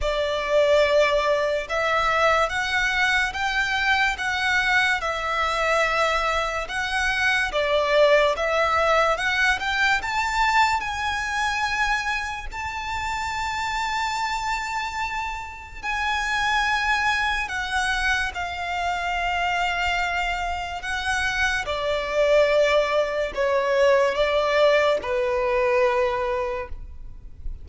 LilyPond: \new Staff \with { instrumentName = "violin" } { \time 4/4 \tempo 4 = 72 d''2 e''4 fis''4 | g''4 fis''4 e''2 | fis''4 d''4 e''4 fis''8 g''8 | a''4 gis''2 a''4~ |
a''2. gis''4~ | gis''4 fis''4 f''2~ | f''4 fis''4 d''2 | cis''4 d''4 b'2 | }